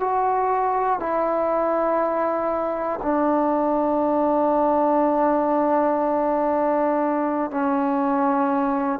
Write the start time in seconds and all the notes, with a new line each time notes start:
0.00 F#4
0.99 E4
3.02 D4
7.50 C#4